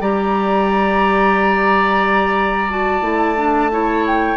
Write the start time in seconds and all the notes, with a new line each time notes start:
0.00 G3 G4 D5 A#5
2.70 F#4 A5
3.01 A3 E4
3.36 D4
3.71 E4 C#5
4.06 G5